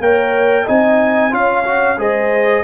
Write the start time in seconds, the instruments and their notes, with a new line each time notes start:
0.00 tuba A#3, trombone A#4, horn C#5, trumpet G5
0.64 tuba C4, trombone D#4, horn D#5, trumpet G#5
1.31 tuba C#4, trombone F4, horn C#5, trumpet F5
1.64 trombone F#4
1.98 tuba G#3, trombone G#4, horn C5, trumpet D#5